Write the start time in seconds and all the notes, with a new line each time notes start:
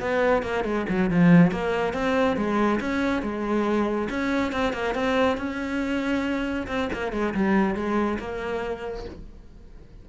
0.00 B3
0.42 A#3
0.64 G#3
0.89 F#3
1.10 F3
1.51 A#3
1.93 C4
2.36 G#3
2.80 C#4
3.22 G#3
4.09 C#4
4.52 C4
4.73 A#3
4.94 C4
5.37 C#4
6.67 C4
6.93 A#3
7.12 G#3
7.34 G3
7.75 G#3
8.19 A#3